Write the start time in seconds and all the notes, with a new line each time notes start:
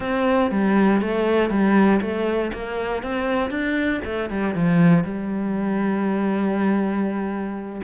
0.00 C4
0.50 G3
1.01 A3
1.50 G3
2.01 A3
2.53 A#3
3.02 C4
3.50 D4
4.04 A3
4.30 G3
4.54 F3
5.04 G3